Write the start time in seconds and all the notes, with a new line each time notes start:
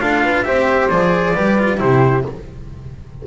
0.00 D4 F4 A4 F5
0.23 B4
0.43 C4 G4 C5 E5
0.89 F3 G#4 D5
1.33 G3 G4 B4
1.58 F4
1.77 C3 E4 G4 C5